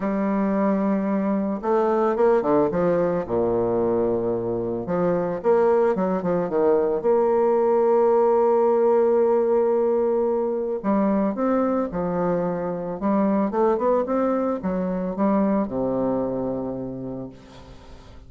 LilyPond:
\new Staff \with { instrumentName = "bassoon" } { \time 4/4 \tempo 4 = 111 g2. a4 | ais8 d8 f4 ais,2~ | ais,4 f4 ais4 fis8 f8 | dis4 ais2.~ |
ais1 | g4 c'4 f2 | g4 a8 b8 c'4 fis4 | g4 c2. | }